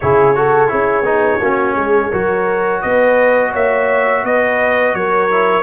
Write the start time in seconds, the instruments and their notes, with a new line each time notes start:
0.00 tuba C#3, trombone E4, horn G#4, trumpet C#5
0.35 trombone F#4, horn A4
0.68 tuba C#4, trombone E4, horn G#4
1.02 tuba B3, trombone D#4
1.40 tuba A#3, trombone C#4, horn F#4
1.75 tuba G#3, horn G#4
2.10 tuba F#3, trombone F#4, horn A#4
2.81 tuba B3, horn B4, trumpet D#5
3.52 tuba A#3, horn C#5, trumpet E5
4.23 tuba B3, horn B4, trumpet D#5
4.94 tuba F#3, horn A#4, trumpet C#5
5.30 trombone E4